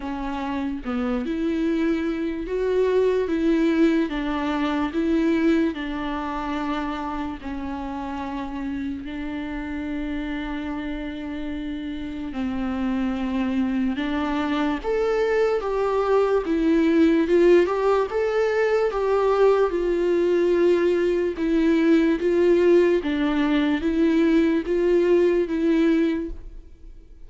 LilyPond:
\new Staff \with { instrumentName = "viola" } { \time 4/4 \tempo 4 = 73 cis'4 b8 e'4. fis'4 | e'4 d'4 e'4 d'4~ | d'4 cis'2 d'4~ | d'2. c'4~ |
c'4 d'4 a'4 g'4 | e'4 f'8 g'8 a'4 g'4 | f'2 e'4 f'4 | d'4 e'4 f'4 e'4 | }